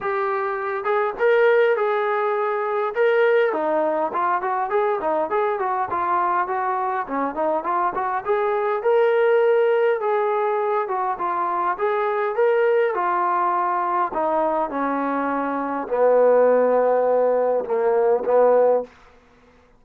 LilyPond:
\new Staff \with { instrumentName = "trombone" } { \time 4/4 \tempo 4 = 102 g'4. gis'8 ais'4 gis'4~ | gis'4 ais'4 dis'4 f'8 fis'8 | gis'8 dis'8 gis'8 fis'8 f'4 fis'4 | cis'8 dis'8 f'8 fis'8 gis'4 ais'4~ |
ais'4 gis'4. fis'8 f'4 | gis'4 ais'4 f'2 | dis'4 cis'2 b4~ | b2 ais4 b4 | }